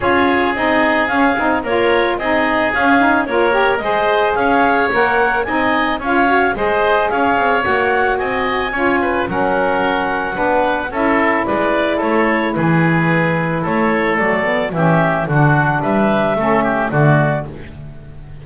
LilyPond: <<
  \new Staff \with { instrumentName = "clarinet" } { \time 4/4 \tempo 4 = 110 cis''4 dis''4 f''4 cis''4 | dis''4 f''4 cis''4 dis''4 | f''4 fis''4 gis''4 f''4 | dis''4 f''4 fis''4 gis''4~ |
gis''4 fis''2. | e''4 d''4 cis''4 b'4~ | b'4 cis''4 d''4 e''4 | fis''4 e''2 d''4 | }
  \new Staff \with { instrumentName = "oboe" } { \time 4/4 gis'2. ais'4 | gis'2 ais'4 c''4 | cis''2 dis''4 cis''4 | c''4 cis''2 dis''4 |
cis''8 b'8 ais'2 b'4 | a'4 b'4 a'4 gis'4~ | gis'4 a'2 g'4 | fis'4 b'4 a'8 g'8 fis'4 | }
  \new Staff \with { instrumentName = "saxophone" } { \time 4/4 f'4 dis'4 cis'8 dis'8 f'4 | dis'4 cis'8 dis'8 f'8 g'8 gis'4~ | gis'4 ais'4 dis'4 f'8 fis'8 | gis'2 fis'2 |
f'4 cis'2 d'4 | e'1~ | e'2 a8 b8 cis'4 | d'2 cis'4 a4 | }
  \new Staff \with { instrumentName = "double bass" } { \time 4/4 cis'4 c'4 cis'8 c'8 ais4 | c'4 cis'4 ais4 gis4 | cis'4 ais4 c'4 cis'4 | gis4 cis'8 c'8 ais4 c'4 |
cis'4 fis2 b4 | cis'4 gis4 a4 e4~ | e4 a4 fis4 e4 | d4 g4 a4 d4 | }
>>